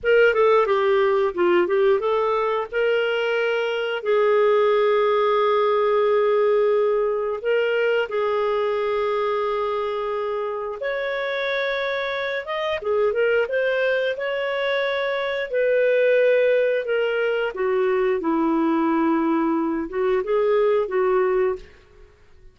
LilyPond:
\new Staff \with { instrumentName = "clarinet" } { \time 4/4 \tempo 4 = 89 ais'8 a'8 g'4 f'8 g'8 a'4 | ais'2 gis'2~ | gis'2. ais'4 | gis'1 |
cis''2~ cis''8 dis''8 gis'8 ais'8 | c''4 cis''2 b'4~ | b'4 ais'4 fis'4 e'4~ | e'4. fis'8 gis'4 fis'4 | }